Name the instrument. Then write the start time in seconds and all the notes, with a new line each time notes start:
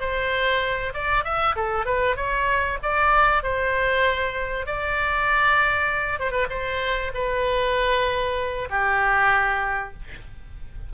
oboe
0.00 C5
0.94 D5
1.24 E5
1.55 A4
1.85 B4
2.16 C#5
2.82 D5
3.43 C5
4.66 D5
6.19 C5
6.31 B4
6.49 C5
7.14 B4
8.69 G4